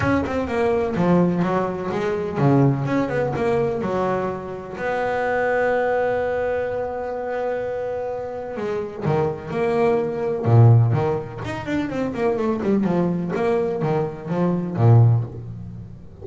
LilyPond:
\new Staff \with { instrumentName = "double bass" } { \time 4/4 \tempo 4 = 126 cis'8 c'8 ais4 f4 fis4 | gis4 cis4 cis'8 b8 ais4 | fis2 b2~ | b1~ |
b2 gis4 dis4 | ais2 ais,4 dis4 | dis'8 d'8 c'8 ais8 a8 g8 f4 | ais4 dis4 f4 ais,4 | }